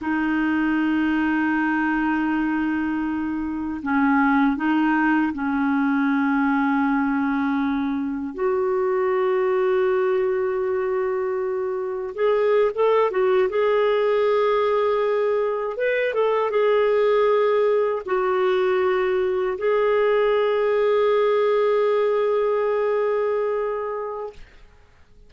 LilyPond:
\new Staff \with { instrumentName = "clarinet" } { \time 4/4 \tempo 4 = 79 dis'1~ | dis'4 cis'4 dis'4 cis'4~ | cis'2. fis'4~ | fis'1 |
gis'8. a'8 fis'8 gis'2~ gis'16~ | gis'8. b'8 a'8 gis'2 fis'16~ | fis'4.~ fis'16 gis'2~ gis'16~ | gis'1 | }